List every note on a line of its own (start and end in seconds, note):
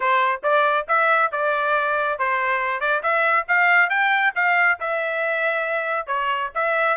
0.00 0.41 C5
0.43 0.86 D5
0.88 1.31 E5
1.31 2.18 D5
2.19 2.80 C5
2.80 3.02 D5
3.02 3.46 E5
3.48 3.89 F5
3.89 4.33 G5
4.35 4.78 F5
4.79 6.06 E5
6.06 6.50 C#5
6.54 6.97 E5